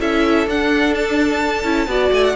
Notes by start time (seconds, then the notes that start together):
0.00 C#4 E4 A4 E5
0.46 D4 F#5
0.94 A5
1.64 C#4 E4
1.87 B3 F#4 D5
2.11 A3 G#5
2.24 F#5